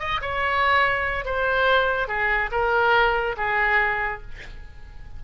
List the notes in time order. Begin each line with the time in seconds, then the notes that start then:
0.00 D#5
0.22 C#5
1.25 C5
2.08 G#4
2.52 A#4
3.37 G#4